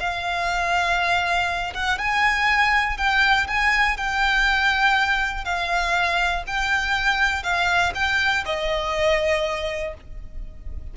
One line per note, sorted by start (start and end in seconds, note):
0.00 1.74 F5
1.74 1.99 F#5
1.99 2.98 G#5
2.98 3.47 G5
3.48 3.97 G#5
3.97 5.45 G5
5.45 6.44 F5
6.47 7.43 G5
7.43 7.93 F5
7.95 8.44 G5
8.46 9.95 D#5